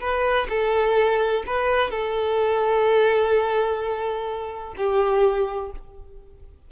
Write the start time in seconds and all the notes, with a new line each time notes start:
0.00 B4
0.49 A4
1.46 B4
1.90 A4
4.77 G4